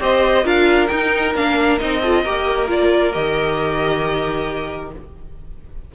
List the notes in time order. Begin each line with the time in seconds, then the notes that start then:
0.00 C4 G4 C5 D#5
0.44 D4 F4 A#4 F5
0.88 D#4 G5
1.35 A#3 D4 F5
1.78 C4 D#4 D#5
2.00 F4 A4
2.23 A#3 G4 A#4
2.68 F4 D5
3.12 D#3 G4 D#5